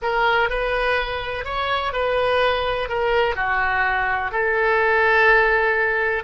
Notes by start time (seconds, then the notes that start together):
0.02 A#4
0.49 B4
1.44 C#5
1.92 B4
2.88 A#4
3.35 F#4
4.31 A4